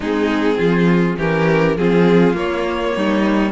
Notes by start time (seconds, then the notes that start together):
0.00 G#3 C4 D#4 G#4
0.57 F3 F4
1.17 E3 C#4 G4 A#4
1.76 F3 C4 F4 G#4
2.33 A#3 C#5
2.95 G3 D#4